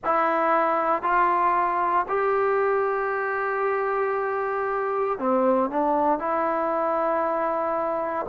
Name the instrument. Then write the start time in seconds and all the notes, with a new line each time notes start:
trombone
0.04 E4
1.02 F4
2.08 G4
5.19 C4
5.69 D4
6.18 E4